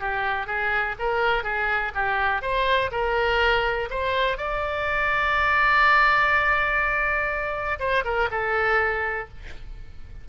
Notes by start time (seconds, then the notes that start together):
0.00 G4
0.47 G#4
0.99 A#4
1.44 G#4
1.95 G4
2.42 C5
2.92 A#4
3.90 C5
4.38 D5
7.80 C5
8.05 A#4
8.31 A4